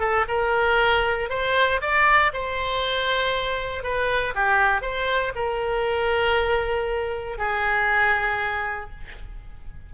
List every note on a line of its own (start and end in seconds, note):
0.00 0.25 A4
0.28 1.30 A#4
1.30 1.81 C5
1.81 2.32 D5
2.34 3.83 C5
3.83 4.34 B4
4.35 4.82 G4
4.82 5.33 C5
5.36 7.38 A#4
7.38 8.91 G#4